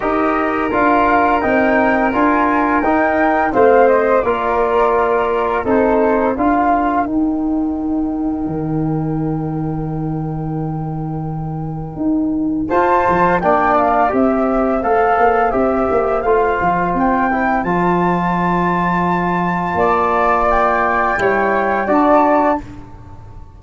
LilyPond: <<
  \new Staff \with { instrumentName = "flute" } { \time 4/4 \tempo 4 = 85 dis''4 f''4 g''4 gis''4 | g''4 f''8 dis''8 d''2 | c''4 f''4 g''2~ | g''1~ |
g''2 a''4 g''8 f''8 | e''4 f''4 e''4 f''4 | g''4 a''2.~ | a''4 g''2 a''4 | }
  \new Staff \with { instrumentName = "flute" } { \time 4/4 ais'1~ | ais'4 c''4 ais'2 | a'4 ais'2.~ | ais'1~ |
ais'2 c''4 d''4 | c''1~ | c''1 | d''2 cis''4 d''4 | }
  \new Staff \with { instrumentName = "trombone" } { \time 4/4 g'4 f'4 dis'4 f'4 | dis'4 c'4 f'2 | dis'4 f'4 dis'2~ | dis'1~ |
dis'2 f'4 d'4 | g'4 a'4 g'4 f'4~ | f'8 e'8 f'2.~ | f'2 e'4 fis'4 | }
  \new Staff \with { instrumentName = "tuba" } { \time 4/4 dis'4 d'4 c'4 d'4 | dis'4 a4 ais2 | c'4 d'4 dis'2 | dis1~ |
dis4 dis'4 f'8 f8 ais4 | c'4 a8 ais8 c'8 ais8 a8 f8 | c'4 f2. | ais2 g4 d'4 | }
>>